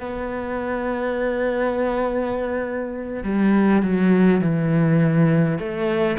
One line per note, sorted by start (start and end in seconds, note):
0.00 3.24 B3
3.24 3.82 G3
3.82 4.41 F#3
4.41 5.58 E3
5.58 6.17 A3